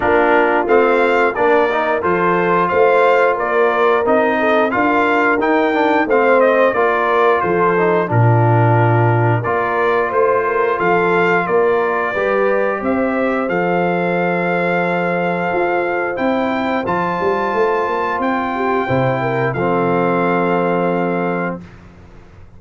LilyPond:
<<
  \new Staff \with { instrumentName = "trumpet" } { \time 4/4 \tempo 4 = 89 ais'4 f''4 d''4 c''4 | f''4 d''4 dis''4 f''4 | g''4 f''8 dis''8 d''4 c''4 | ais'2 d''4 c''4 |
f''4 d''2 e''4 | f''1 | g''4 a''2 g''4~ | g''4 f''2. | }
  \new Staff \with { instrumentName = "horn" } { \time 4/4 f'2 ais'4 a'4 | c''4 ais'4. a'8 ais'4~ | ais'4 c''4 ais'4 a'4 | f'2 ais'4 c''8 ais'8 |
a'4 ais'4 b'4 c''4~ | c''1~ | c''2.~ c''8 g'8 | c''8 ais'8 a'2. | }
  \new Staff \with { instrumentName = "trombone" } { \time 4/4 d'4 c'4 d'8 dis'8 f'4~ | f'2 dis'4 f'4 | dis'8 d'8 c'4 f'4. dis'8 | d'2 f'2~ |
f'2 g'2 | a'1 | e'4 f'2. | e'4 c'2. | }
  \new Staff \with { instrumentName = "tuba" } { \time 4/4 ais4 a4 ais4 f4 | a4 ais4 c'4 d'4 | dis'4 a4 ais4 f4 | ais,2 ais4 a4 |
f4 ais4 g4 c'4 | f2. f'4 | c'4 f8 g8 a8 ais8 c'4 | c4 f2. | }
>>